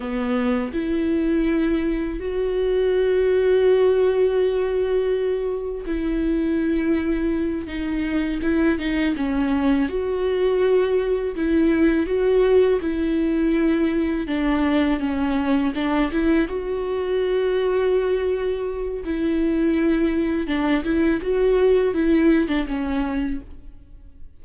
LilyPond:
\new Staff \with { instrumentName = "viola" } { \time 4/4 \tempo 4 = 82 b4 e'2 fis'4~ | fis'1 | e'2~ e'8 dis'4 e'8 | dis'8 cis'4 fis'2 e'8~ |
e'8 fis'4 e'2 d'8~ | d'8 cis'4 d'8 e'8 fis'4.~ | fis'2 e'2 | d'8 e'8 fis'4 e'8. d'16 cis'4 | }